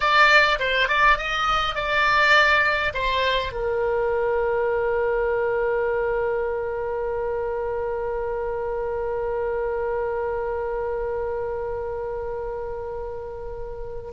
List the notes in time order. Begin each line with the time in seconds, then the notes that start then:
0.00 D5
0.59 C5
0.88 D5
1.18 D#5
1.75 D5
2.94 C5
3.52 A#4